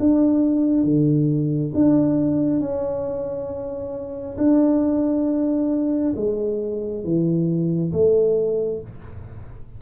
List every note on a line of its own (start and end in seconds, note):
0.00 0.84 D4
0.84 1.72 D3
1.74 2.60 D4
2.60 4.37 C#4
4.38 6.14 D4
6.16 7.04 G#3
7.04 7.92 E3
7.93 8.81 A3